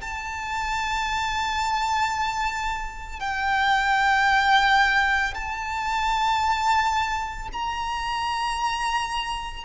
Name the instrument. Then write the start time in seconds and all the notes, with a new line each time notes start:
violin
0.00 A5
3.19 G5
5.34 A5
7.52 A#5